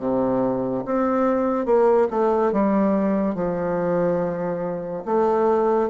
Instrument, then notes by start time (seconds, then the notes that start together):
bassoon
0.00 C3
0.86 C4
1.66 A#3
2.11 A3
2.53 G3
3.35 F3
5.06 A3